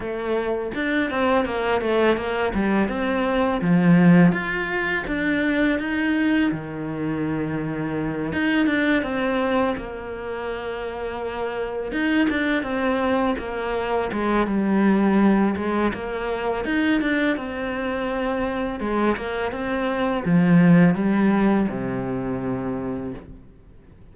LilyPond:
\new Staff \with { instrumentName = "cello" } { \time 4/4 \tempo 4 = 83 a4 d'8 c'8 ais8 a8 ais8 g8 | c'4 f4 f'4 d'4 | dis'4 dis2~ dis8 dis'8 | d'8 c'4 ais2~ ais8~ |
ais8 dis'8 d'8 c'4 ais4 gis8 | g4. gis8 ais4 dis'8 d'8 | c'2 gis8 ais8 c'4 | f4 g4 c2 | }